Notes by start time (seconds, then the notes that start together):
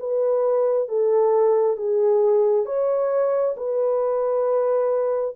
0.00 B4
0.88 A4
1.77 G#4
2.65 C#5
3.57 B4